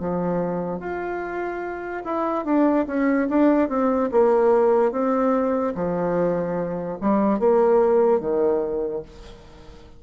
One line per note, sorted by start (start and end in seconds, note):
0.00 0.80 F3
0.80 2.03 F4
2.04 2.45 E4
2.45 2.86 D4
2.87 3.28 C#4
3.30 3.69 D4
3.69 4.10 C4
4.12 4.92 A#3
4.92 5.74 C4
5.75 6.98 F3
7.01 7.39 G3
7.39 8.20 A#3
8.20 9.03 D#3